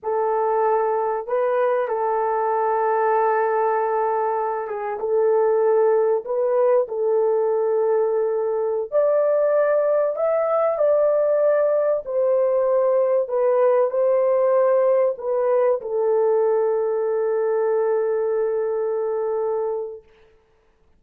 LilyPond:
\new Staff \with { instrumentName = "horn" } { \time 4/4 \tempo 4 = 96 a'2 b'4 a'4~ | a'2.~ a'8 gis'8 | a'2 b'4 a'4~ | a'2~ a'16 d''4.~ d''16~ |
d''16 e''4 d''2 c''8.~ | c''4~ c''16 b'4 c''4.~ c''16~ | c''16 b'4 a'2~ a'8.~ | a'1 | }